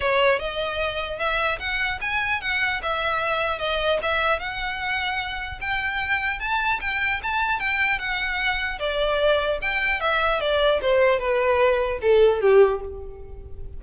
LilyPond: \new Staff \with { instrumentName = "violin" } { \time 4/4 \tempo 4 = 150 cis''4 dis''2 e''4 | fis''4 gis''4 fis''4 e''4~ | e''4 dis''4 e''4 fis''4~ | fis''2 g''2 |
a''4 g''4 a''4 g''4 | fis''2 d''2 | g''4 e''4 d''4 c''4 | b'2 a'4 g'4 | }